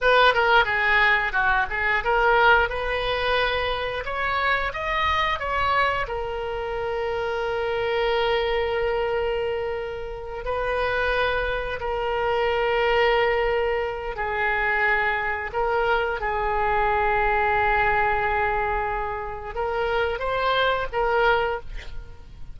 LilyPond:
\new Staff \with { instrumentName = "oboe" } { \time 4/4 \tempo 4 = 89 b'8 ais'8 gis'4 fis'8 gis'8 ais'4 | b'2 cis''4 dis''4 | cis''4 ais'2.~ | ais'2.~ ais'8 b'8~ |
b'4. ais'2~ ais'8~ | ais'4 gis'2 ais'4 | gis'1~ | gis'4 ais'4 c''4 ais'4 | }